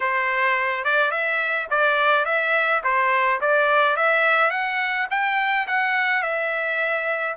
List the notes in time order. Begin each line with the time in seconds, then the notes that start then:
0.00 C5
0.84 D5
1.11 E5
1.70 D5
2.25 E5
2.83 C5
3.40 D5
3.96 E5
4.50 F#5
5.10 G5
5.67 F#5
6.22 E5